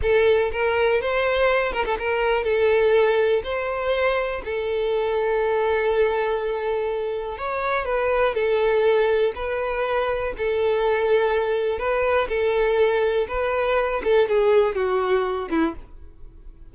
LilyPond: \new Staff \with { instrumentName = "violin" } { \time 4/4 \tempo 4 = 122 a'4 ais'4 c''4. ais'16 a'16 | ais'4 a'2 c''4~ | c''4 a'2.~ | a'2. cis''4 |
b'4 a'2 b'4~ | b'4 a'2. | b'4 a'2 b'4~ | b'8 a'8 gis'4 fis'4. e'8 | }